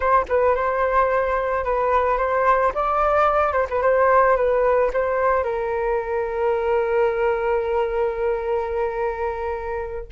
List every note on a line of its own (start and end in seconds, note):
0.00 0.25 C5
0.28 0.55 B4
0.55 1.64 C5
1.64 2.17 B4
2.17 2.72 C5
2.74 3.52 D5
3.52 3.66 C5
3.69 3.82 B4
3.82 4.36 C5
4.36 4.91 B4
4.93 5.43 C5
5.43 10.07 A#4